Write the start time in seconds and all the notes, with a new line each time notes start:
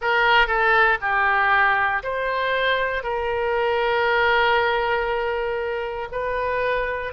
0.00 A#4
0.47 A4
1.01 G4
2.03 C5
3.03 A#4
6.11 B4